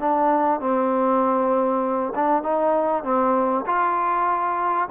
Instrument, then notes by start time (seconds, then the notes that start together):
trombone
0.00 D4
0.60 C4
2.16 D4
2.43 D#4
3.04 C4
3.67 F4